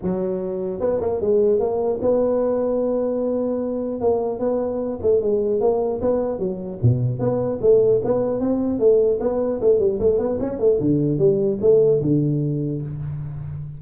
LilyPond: \new Staff \with { instrumentName = "tuba" } { \time 4/4 \tempo 4 = 150 fis2 b8 ais8 gis4 | ais4 b2.~ | b2 ais4 b4~ | b8 a8 gis4 ais4 b4 |
fis4 b,4 b4 a4 | b4 c'4 a4 b4 | a8 g8 a8 b8 cis'8 a8 d4 | g4 a4 d2 | }